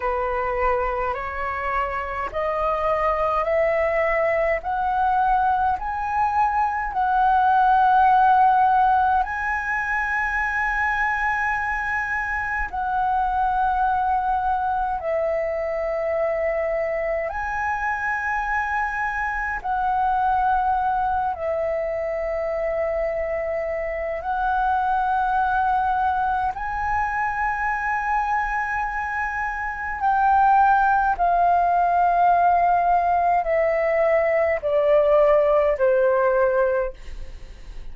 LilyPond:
\new Staff \with { instrumentName = "flute" } { \time 4/4 \tempo 4 = 52 b'4 cis''4 dis''4 e''4 | fis''4 gis''4 fis''2 | gis''2. fis''4~ | fis''4 e''2 gis''4~ |
gis''4 fis''4. e''4.~ | e''4 fis''2 gis''4~ | gis''2 g''4 f''4~ | f''4 e''4 d''4 c''4 | }